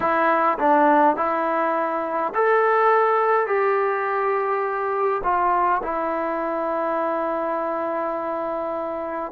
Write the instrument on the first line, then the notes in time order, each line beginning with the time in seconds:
trombone
0.00 E4
0.58 D4
1.16 E4
2.34 A4
3.46 G4
5.23 F4
5.83 E4